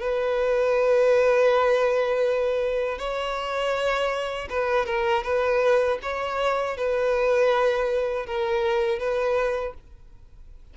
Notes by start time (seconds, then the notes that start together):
0.00 B4
2.98 C#5
4.49 B4
4.86 A#4
5.24 B4
6.02 C#5
6.77 B4
8.26 A#4
8.99 B4